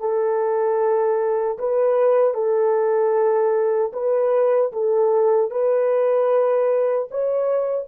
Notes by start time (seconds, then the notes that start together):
0.00 A4
1.59 B4
2.34 A4
3.93 B4
4.72 A4
5.51 B4
7.11 C#5